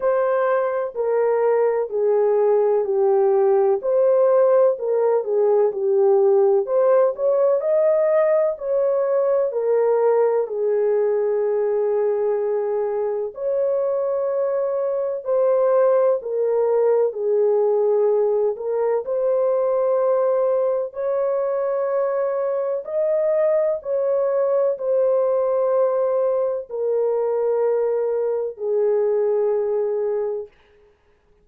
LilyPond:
\new Staff \with { instrumentName = "horn" } { \time 4/4 \tempo 4 = 63 c''4 ais'4 gis'4 g'4 | c''4 ais'8 gis'8 g'4 c''8 cis''8 | dis''4 cis''4 ais'4 gis'4~ | gis'2 cis''2 |
c''4 ais'4 gis'4. ais'8 | c''2 cis''2 | dis''4 cis''4 c''2 | ais'2 gis'2 | }